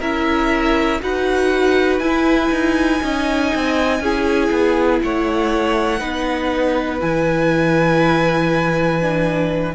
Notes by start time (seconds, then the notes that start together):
0.00 C#4 E4 A#4 E5
1.01 D#4 F#4 B4 F#5
1.99 E4 G#5
2.51 D#4
3.01 C#4 D#4 D#5
3.55 C4
4.00 C#4 E4 G#4
4.51 B3
5.02 A3 C#5 F#5
6.00 B3 D#4 B4
7.00 E3 E4 G#5
9.01 D4